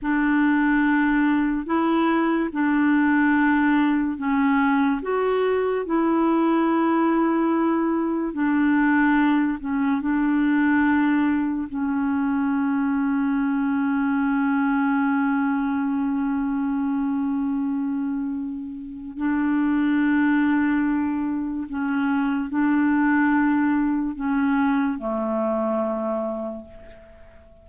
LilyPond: \new Staff \with { instrumentName = "clarinet" } { \time 4/4 \tempo 4 = 72 d'2 e'4 d'4~ | d'4 cis'4 fis'4 e'4~ | e'2 d'4. cis'8 | d'2 cis'2~ |
cis'1~ | cis'2. d'4~ | d'2 cis'4 d'4~ | d'4 cis'4 a2 | }